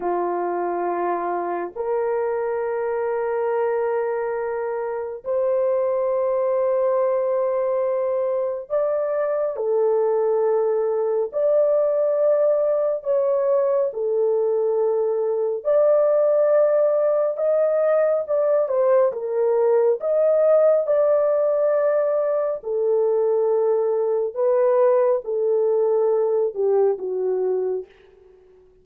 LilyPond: \new Staff \with { instrumentName = "horn" } { \time 4/4 \tempo 4 = 69 f'2 ais'2~ | ais'2 c''2~ | c''2 d''4 a'4~ | a'4 d''2 cis''4 |
a'2 d''2 | dis''4 d''8 c''8 ais'4 dis''4 | d''2 a'2 | b'4 a'4. g'8 fis'4 | }